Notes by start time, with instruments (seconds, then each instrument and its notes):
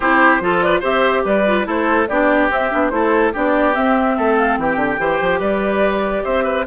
0.00 bassoon C4, clarinet E4, oboe G4, flute C5
0.40 bassoon F3, clarinet F4, oboe A4
0.61 oboe B4, flute D5
0.80 bassoon C4, clarinet G4, oboe C5, flute E5
1.24 bassoon G3, oboe B4, flute D5
1.47 clarinet F4
1.64 bassoon A3, clarinet E4, oboe A4, flute C5
2.08 bassoon B3, clarinet D4, oboe G4, flute D5
2.49 clarinet C4, bassoon C4, flute E5
2.71 bassoon B3, clarinet D4
2.89 bassoon A3, clarinet E4, oboe A4, flute C5
3.33 bassoon B3, clarinet D4, oboe G4, flute D5
3.73 clarinet C4, bassoon C4, flute E5
4.17 bassoon A3, oboe A4
4.37 flute F5
4.58 bassoon E3, oboe G4, flute G5
4.76 bassoon D3
4.98 bassoon E3, clarinet G4, oboe C5
5.21 bassoon F3
5.39 bassoon G3, oboe B4, flute D5
6.24 bassoon C4, oboe C5, flute E5
6.44 oboe B4